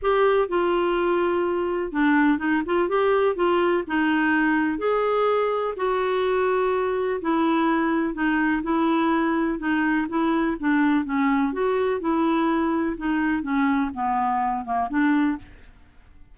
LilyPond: \new Staff \with { instrumentName = "clarinet" } { \time 4/4 \tempo 4 = 125 g'4 f'2. | d'4 dis'8 f'8 g'4 f'4 | dis'2 gis'2 | fis'2. e'4~ |
e'4 dis'4 e'2 | dis'4 e'4 d'4 cis'4 | fis'4 e'2 dis'4 | cis'4 b4. ais8 d'4 | }